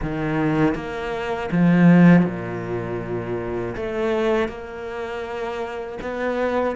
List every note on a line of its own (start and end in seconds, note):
0.02 0.74 D#3
0.74 1.49 A#3
1.51 2.25 F3
2.25 3.75 A#2
3.76 4.48 A3
4.48 5.98 A#3
6.01 6.75 B3